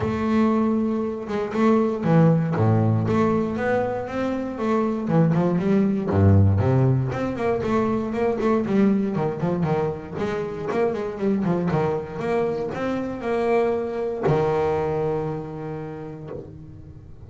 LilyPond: \new Staff \with { instrumentName = "double bass" } { \time 4/4 \tempo 4 = 118 a2~ a8 gis8 a4 | e4 a,4 a4 b4 | c'4 a4 e8 f8 g4 | g,4 c4 c'8 ais8 a4 |
ais8 a8 g4 dis8 f8 dis4 | gis4 ais8 gis8 g8 f8 dis4 | ais4 c'4 ais2 | dis1 | }